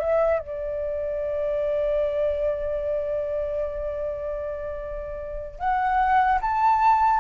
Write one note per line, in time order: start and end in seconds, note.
0.00 0.40 E5
0.40 5.59 D5
5.59 6.39 F#5
6.41 7.20 A5